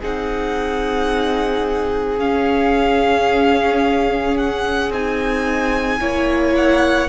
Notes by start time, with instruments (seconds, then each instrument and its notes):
0.00 cello C4, viola D#4, violin G#4 F#5
2.19 viola C#4, cello C#4, violin F5
4.37 violin F#5
4.90 cello C4, viola D#4, violin G#5
6.00 cello A#3, viola E4, violin C#5
6.55 violin F#5